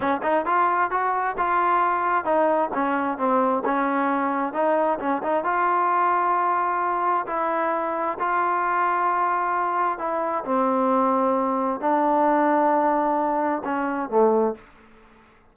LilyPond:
\new Staff \with { instrumentName = "trombone" } { \time 4/4 \tempo 4 = 132 cis'8 dis'8 f'4 fis'4 f'4~ | f'4 dis'4 cis'4 c'4 | cis'2 dis'4 cis'8 dis'8 | f'1 |
e'2 f'2~ | f'2 e'4 c'4~ | c'2 d'2~ | d'2 cis'4 a4 | }